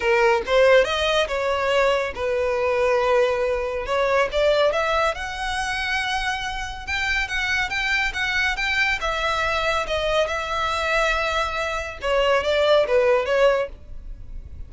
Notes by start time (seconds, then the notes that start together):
0.00 A#4
0.46 C5
0.84 D#5
1.27 C#5
2.14 B4
3.86 C#5
4.32 D5
4.72 E5
5.14 F#5
6.86 G5
7.28 F#5
7.69 G5
8.13 F#5
8.56 G5
9.00 E5
9.87 D#5
10.27 E5
12.01 C#5
12.43 D5
12.87 B4
13.25 C#5